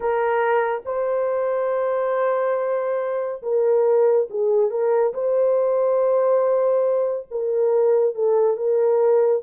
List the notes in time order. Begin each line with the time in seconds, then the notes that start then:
0.00 A#4
0.85 C5
3.42 A#4
4.30 G#4
4.70 A#4
5.13 C5
7.31 A#4
8.14 A4
8.56 A#4